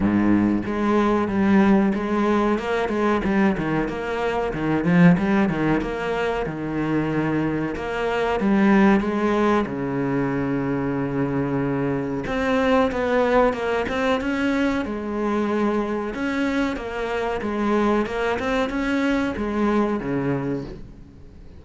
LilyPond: \new Staff \with { instrumentName = "cello" } { \time 4/4 \tempo 4 = 93 gis,4 gis4 g4 gis4 | ais8 gis8 g8 dis8 ais4 dis8 f8 | g8 dis8 ais4 dis2 | ais4 g4 gis4 cis4~ |
cis2. c'4 | b4 ais8 c'8 cis'4 gis4~ | gis4 cis'4 ais4 gis4 | ais8 c'8 cis'4 gis4 cis4 | }